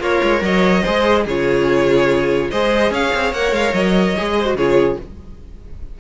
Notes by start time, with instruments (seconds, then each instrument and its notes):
0.00 cello A#3, violin F4 C#5, viola A#4
0.23 cello G#3
0.42 cello F#3, violin C#5 D#5
0.83 cello G#3, viola G#4, violin C5
1.26 cello C#3, viola F4, violin G#4 C#5
2.51 cello G#3, viola G#4, violin C5 D#5
2.91 cello C#4, violin C#5 F5
3.15 cello C4
3.32 cello A#3, viola A#4, violin F#5
3.52 cello G#3, violin F5
3.74 cello F#3, violin D#5
4.17 cello G#3, viola G#4
4.39 violin C5
4.46 viola F#4
4.55 cello C#3, viola F4, violin G#4 C#5